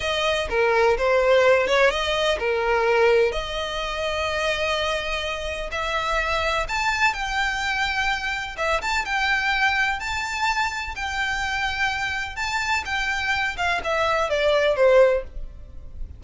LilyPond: \new Staff \with { instrumentName = "violin" } { \time 4/4 \tempo 4 = 126 dis''4 ais'4 c''4. cis''8 | dis''4 ais'2 dis''4~ | dis''1 | e''2 a''4 g''4~ |
g''2 e''8 a''8 g''4~ | g''4 a''2 g''4~ | g''2 a''4 g''4~ | g''8 f''8 e''4 d''4 c''4 | }